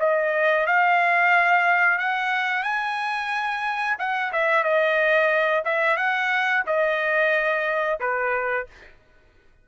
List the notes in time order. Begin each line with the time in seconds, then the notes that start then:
0.00 D#5
0.67 F5
1.99 F#5
2.64 G#5
3.99 F#5
4.33 E5
4.64 D#5
5.65 E5
5.97 F#5
6.67 D#5
8.01 B4